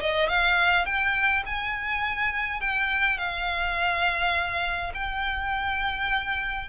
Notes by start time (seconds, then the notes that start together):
0.00 D#5
0.28 F5
0.85 G5
1.46 G#5
2.60 G5
3.17 F5
4.94 G5